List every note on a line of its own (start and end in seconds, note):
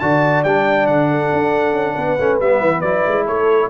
0.00 0.44 D3
0.00 0.46 F#4
0.00 1.11 D5
0.00 0.43 A5
0.44 0.88 G3
0.44 2.20 D4
0.44 0.87 G5
0.87 1.32 D3
0.87 2.40 F#5
1.11 1.95 A4
1.33 1.73 D4
1.73 1.95 C#4
1.95 2.19 B3
1.95 3.25 B4
2.20 2.41 A3
2.20 2.41 C#4
2.40 2.61 G3
2.40 2.84 B3
2.40 2.81 E5
2.61 2.82 E3
2.81 3.04 F#3
2.81 3.70 E4
2.81 3.25 D5
3.08 3.27 G#3
3.25 3.70 A3
3.25 3.69 A4
3.25 3.70 C#5